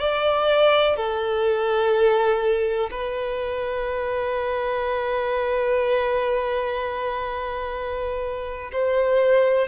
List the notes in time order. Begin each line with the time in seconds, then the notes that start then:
0.00 D5
0.97 A4
2.91 B4
8.73 C5